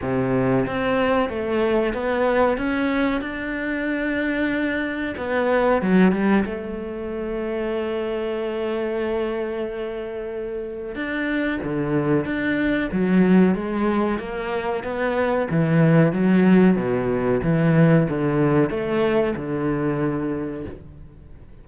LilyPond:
\new Staff \with { instrumentName = "cello" } { \time 4/4 \tempo 4 = 93 c4 c'4 a4 b4 | cis'4 d'2. | b4 fis8 g8 a2~ | a1~ |
a4 d'4 d4 d'4 | fis4 gis4 ais4 b4 | e4 fis4 b,4 e4 | d4 a4 d2 | }